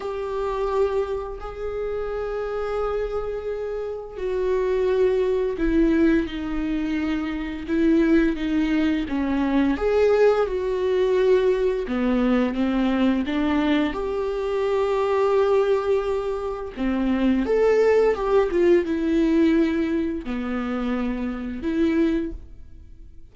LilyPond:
\new Staff \with { instrumentName = "viola" } { \time 4/4 \tempo 4 = 86 g'2 gis'2~ | gis'2 fis'2 | e'4 dis'2 e'4 | dis'4 cis'4 gis'4 fis'4~ |
fis'4 b4 c'4 d'4 | g'1 | c'4 a'4 g'8 f'8 e'4~ | e'4 b2 e'4 | }